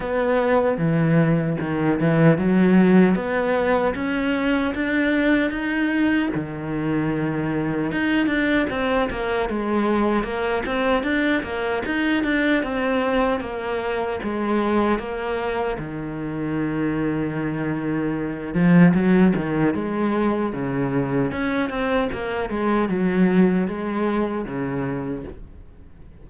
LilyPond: \new Staff \with { instrumentName = "cello" } { \time 4/4 \tempo 4 = 76 b4 e4 dis8 e8 fis4 | b4 cis'4 d'4 dis'4 | dis2 dis'8 d'8 c'8 ais8 | gis4 ais8 c'8 d'8 ais8 dis'8 d'8 |
c'4 ais4 gis4 ais4 | dis2.~ dis8 f8 | fis8 dis8 gis4 cis4 cis'8 c'8 | ais8 gis8 fis4 gis4 cis4 | }